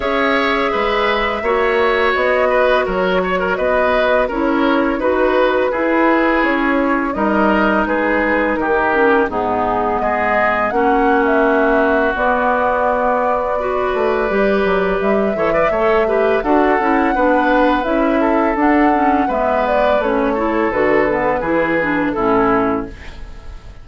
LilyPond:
<<
  \new Staff \with { instrumentName = "flute" } { \time 4/4 \tempo 4 = 84 e''2. dis''4 | cis''4 dis''4 cis''4 b'4~ | b'4 cis''4 dis''4 b'4 | ais'4 gis'4 dis''4 fis''8. e''16~ |
e''4 d''2.~ | d''4 e''2 fis''4~ | fis''4 e''4 fis''4 e''8 d''8 | cis''4 b'2 a'4 | }
  \new Staff \with { instrumentName = "oboe" } { \time 4/4 cis''4 b'4 cis''4. b'8 | ais'8 cis''16 ais'16 b'4 ais'4 b'4 | gis'2 ais'4 gis'4 | g'4 dis'4 gis'4 fis'4~ |
fis'2. b'4~ | b'4. cis''16 d''16 cis''8 b'8 a'4 | b'4. a'4. b'4~ | b'8 a'4. gis'4 e'4 | }
  \new Staff \with { instrumentName = "clarinet" } { \time 4/4 gis'2 fis'2~ | fis'2 e'4 fis'4 | e'2 dis'2~ | dis'8 cis'8 b2 cis'4~ |
cis'4 b2 fis'4 | g'4. a'16 b'16 a'8 g'8 fis'8 e'8 | d'4 e'4 d'8 cis'8 b4 | cis'8 e'8 fis'8 b8 e'8 d'8 cis'4 | }
  \new Staff \with { instrumentName = "bassoon" } { \time 4/4 cis'4 gis4 ais4 b4 | fis4 b4 cis'4 dis'4 | e'4 cis'4 g4 gis4 | dis4 gis,4 gis4 ais4~ |
ais4 b2~ b8 a8 | g8 fis8 g8 e8 a4 d'8 cis'8 | b4 cis'4 d'4 gis4 | a4 d4 e4 a,4 | }
>>